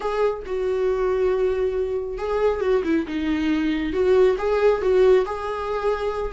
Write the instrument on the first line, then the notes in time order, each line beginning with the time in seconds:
viola
0.00 G#4
0.46 F#4
2.18 G#4
2.60 F#4
2.84 E4
3.07 D#4
3.92 F#4
4.38 G#4
4.81 F#4
5.25 G#4